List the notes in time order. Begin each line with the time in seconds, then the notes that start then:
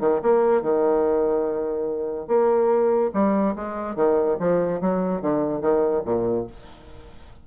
0.00 D#3
0.23 A#3
0.62 D#3
2.27 A#3
3.14 G3
3.56 G#3
3.96 D#3
4.40 F3
4.81 F#3
5.22 D3
5.61 D#3
6.05 A#2